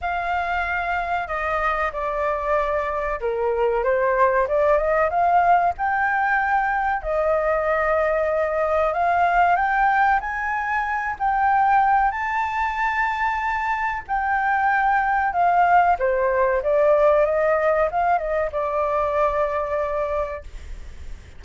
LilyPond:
\new Staff \with { instrumentName = "flute" } { \time 4/4 \tempo 4 = 94 f''2 dis''4 d''4~ | d''4 ais'4 c''4 d''8 dis''8 | f''4 g''2 dis''4~ | dis''2 f''4 g''4 |
gis''4. g''4. a''4~ | a''2 g''2 | f''4 c''4 d''4 dis''4 | f''8 dis''8 d''2. | }